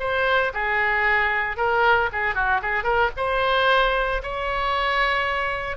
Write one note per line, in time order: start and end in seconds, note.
0.00 0.53 C5
0.54 1.57 G#4
1.57 2.10 A#4
2.12 2.35 G#4
2.35 2.61 F#4
2.62 2.84 G#4
2.84 3.10 A#4
3.17 4.22 C5
4.23 5.77 C#5